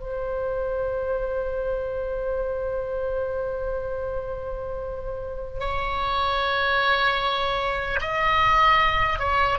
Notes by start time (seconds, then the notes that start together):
0.00 C5
5.60 C#5
8.01 D#5
9.19 C#5